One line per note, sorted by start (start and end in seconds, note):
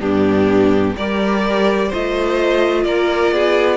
0.00 0.96 G2
0.00 0.95 B3
0.00 0.96 D4
0.00 0.96 G4
0.97 1.92 G3
0.97 1.93 G4
0.97 1.89 A#4
0.97 1.92 D5
1.89 2.85 A3
1.89 3.77 F4
1.89 2.84 C5
1.89 2.85 D#5
2.85 3.32 A#3
2.85 3.34 A#4
2.85 3.77 D5
3.32 3.77 B3
3.32 3.77 G#4